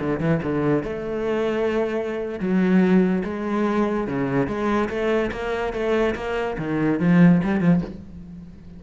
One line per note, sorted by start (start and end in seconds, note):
0.00 0.20 D3
0.20 0.41 E3
0.43 0.83 D3
0.83 2.39 A3
2.40 3.23 F#3
3.24 4.07 G#3
4.07 4.47 C#3
4.47 4.89 G#3
4.89 5.31 A3
5.31 5.73 A#3
5.73 6.15 A3
6.15 6.57 A#3
6.58 6.99 D#3
6.99 7.41 F3
7.44 7.60 G3
7.60 7.81 F3